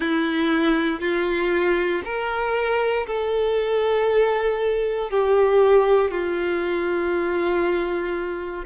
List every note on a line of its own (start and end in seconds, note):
0.00 1.00 E4
1.00 2.02 F4
2.04 3.06 A#4
3.06 5.10 A4
5.10 6.11 G4
6.11 8.65 F4